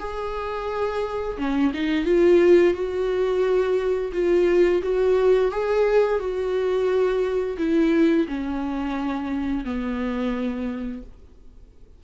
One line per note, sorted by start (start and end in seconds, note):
0.00 1.38 G#4
1.38 1.73 C#4
1.74 2.05 D#4
2.05 2.74 F4
2.74 4.12 F#4
4.13 4.82 F4
4.83 5.52 F#4
5.52 6.20 G#4
6.20 7.58 F#4
7.58 8.27 E4
8.28 9.65 C#4
9.65 11.03 B3